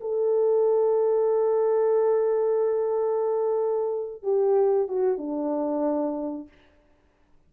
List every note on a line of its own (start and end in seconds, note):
0.00 4.22 A4
4.22 4.88 G4
4.88 5.17 F#4
5.17 6.48 D4